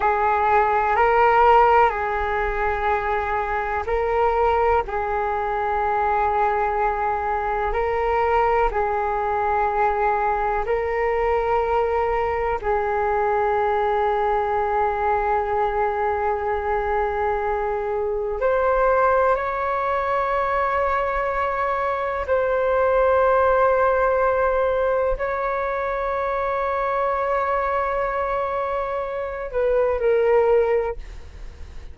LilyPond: \new Staff \with { instrumentName = "flute" } { \time 4/4 \tempo 4 = 62 gis'4 ais'4 gis'2 | ais'4 gis'2. | ais'4 gis'2 ais'4~ | ais'4 gis'2.~ |
gis'2. c''4 | cis''2. c''4~ | c''2 cis''2~ | cis''2~ cis''8 b'8 ais'4 | }